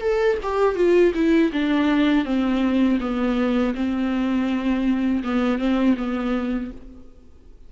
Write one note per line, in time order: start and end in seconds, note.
0.00 0.37 A4
0.42 0.75 G4
0.75 1.12 F4
1.14 1.51 E4
1.53 2.25 D4
2.25 2.99 C4
3.00 3.74 B3
3.74 5.23 C4
5.23 5.58 B3
5.58 5.95 C4
5.97 6.71 B3